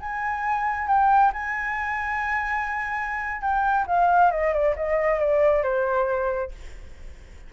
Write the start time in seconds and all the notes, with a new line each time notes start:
0.00 G#5
0.88 G5
1.34 G#5
3.42 G5
3.87 F5
4.32 D#5
4.53 D5
4.76 D#5
5.20 D5
5.64 C5